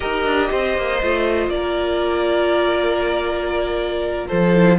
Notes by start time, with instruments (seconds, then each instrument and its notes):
0.00 cello D#4, viola G4, violin A#4 D#5
0.25 cello D4
0.51 cello C4, violin C5
0.77 cello A#3
1.02 cello A3, viola F4
1.48 cello A#3, violin D5
1.55 violin A#4
4.27 cello F3, violin A4 C5
4.53 viola E4